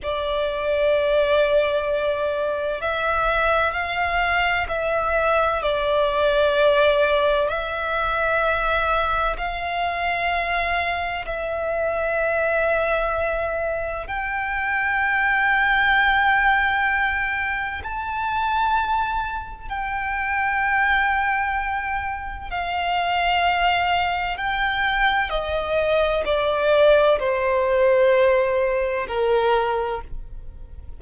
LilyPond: \new Staff \with { instrumentName = "violin" } { \time 4/4 \tempo 4 = 64 d''2. e''4 | f''4 e''4 d''2 | e''2 f''2 | e''2. g''4~ |
g''2. a''4~ | a''4 g''2. | f''2 g''4 dis''4 | d''4 c''2 ais'4 | }